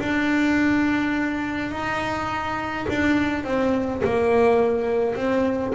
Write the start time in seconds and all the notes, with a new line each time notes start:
0.00 D4
1.72 D#4
2.90 D4
3.45 C4
4.05 A#3
5.16 C4